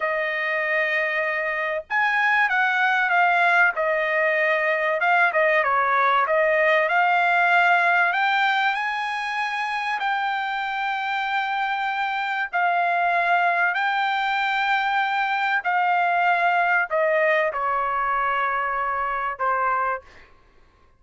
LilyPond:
\new Staff \with { instrumentName = "trumpet" } { \time 4/4 \tempo 4 = 96 dis''2. gis''4 | fis''4 f''4 dis''2 | f''8 dis''8 cis''4 dis''4 f''4~ | f''4 g''4 gis''2 |
g''1 | f''2 g''2~ | g''4 f''2 dis''4 | cis''2. c''4 | }